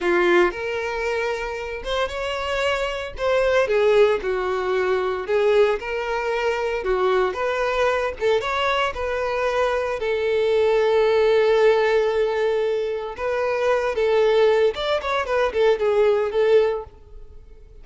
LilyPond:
\new Staff \with { instrumentName = "violin" } { \time 4/4 \tempo 4 = 114 f'4 ais'2~ ais'8 c''8 | cis''2 c''4 gis'4 | fis'2 gis'4 ais'4~ | ais'4 fis'4 b'4. a'8 |
cis''4 b'2 a'4~ | a'1~ | a'4 b'4. a'4. | d''8 cis''8 b'8 a'8 gis'4 a'4 | }